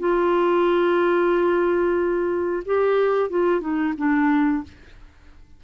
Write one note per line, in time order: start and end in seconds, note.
0.00 2.64 F4
2.66 3.31 G4
3.31 3.61 F4
3.61 3.94 D#4
3.98 4.64 D4